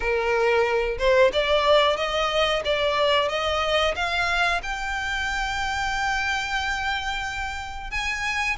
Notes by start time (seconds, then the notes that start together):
0.00 A#4
0.98 C5
1.32 D5
1.97 D#5
2.65 D5
3.28 D#5
3.95 F5
4.62 G5
7.90 G#5